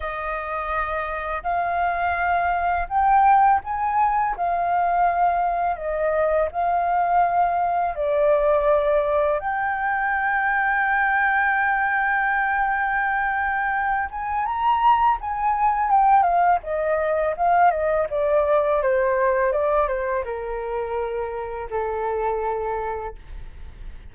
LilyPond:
\new Staff \with { instrumentName = "flute" } { \time 4/4 \tempo 4 = 83 dis''2 f''2 | g''4 gis''4 f''2 | dis''4 f''2 d''4~ | d''4 g''2.~ |
g''2.~ g''8 gis''8 | ais''4 gis''4 g''8 f''8 dis''4 | f''8 dis''8 d''4 c''4 d''8 c''8 | ais'2 a'2 | }